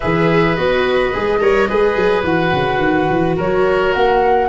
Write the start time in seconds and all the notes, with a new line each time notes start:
0.00 E3 G#4 B4 E5
0.55 B3 F#4 D#5
1.13 G#3 G#4
1.40 G3 A#4 C#5
1.68 G#3 G#4 B4
1.96 F#3
2.23 E3 F#4 F#5
2.52 C#3
2.78 D#3
3.10 E3
3.36 F#3 A#4 C#5
3.93 A#3 F#5